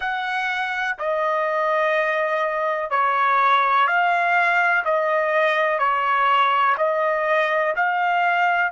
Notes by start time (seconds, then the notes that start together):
0.00 F#5
0.98 D#5
2.90 C#5
3.87 F5
4.84 D#5
5.78 C#5
6.77 D#5
7.76 F5